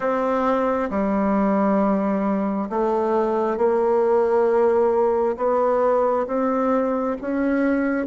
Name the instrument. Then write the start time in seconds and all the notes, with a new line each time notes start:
bassoon
0.00 C4
0.90 G3
2.69 A3
3.57 A#3
5.36 B3
6.26 C4
7.21 C#4